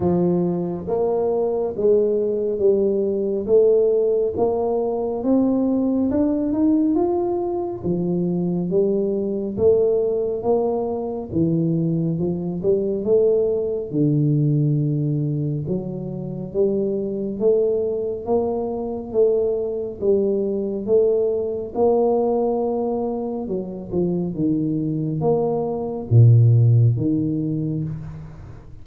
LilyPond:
\new Staff \with { instrumentName = "tuba" } { \time 4/4 \tempo 4 = 69 f4 ais4 gis4 g4 | a4 ais4 c'4 d'8 dis'8 | f'4 f4 g4 a4 | ais4 e4 f8 g8 a4 |
d2 fis4 g4 | a4 ais4 a4 g4 | a4 ais2 fis8 f8 | dis4 ais4 ais,4 dis4 | }